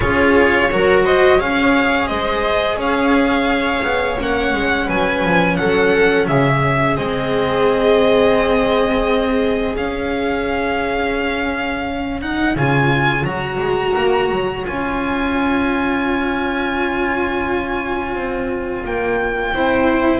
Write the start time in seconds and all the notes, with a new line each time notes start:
0.00 C#4 F4 G#4 C#5
0.71 F#3 F#4 A#4
1.05 C5 D#5
1.37 C#4 G#4 C#5 F5
2.07 G#3 C5 D#5
2.76 C#4 C#5 F5
3.82 B3
4.19 A#3 C#4 F#5
4.53 G#3
4.85 F#3 B4 G#5
5.23 F3
5.56 F#3 A4 F#5
6.27 C#3 G#4 E5
6.96 G#3 C4 D#5
9.76 C#4 F5
11.87 C#5
12.21 D#4 F#5
12.55 C#3 F4 G#5
13.23 F#3 F#4 A#5
13.59 G#3
13.96 A#3
14.31 F#3
14.64 C#4 F4 G#5
18.14 C4
18.84 A#3 G5
19.52 C4 E4 C5